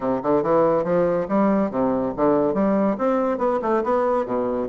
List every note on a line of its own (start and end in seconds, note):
0.00 0.20 C3
0.22 0.43 D3
0.43 0.84 E3
0.84 1.26 F3
1.28 1.70 G3
1.70 2.13 C3
2.16 2.54 D3
2.54 2.96 G3
2.98 3.38 C4
3.38 3.59 B3
3.62 3.83 A3
3.83 4.25 B3
4.25 4.68 B2